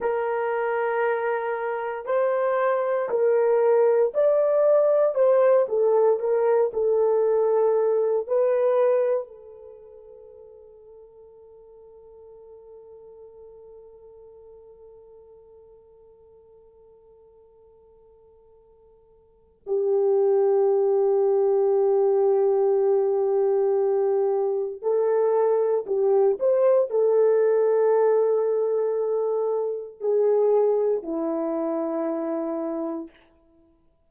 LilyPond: \new Staff \with { instrumentName = "horn" } { \time 4/4 \tempo 4 = 58 ais'2 c''4 ais'4 | d''4 c''8 a'8 ais'8 a'4. | b'4 a'2.~ | a'1~ |
a'2. g'4~ | g'1 | a'4 g'8 c''8 a'2~ | a'4 gis'4 e'2 | }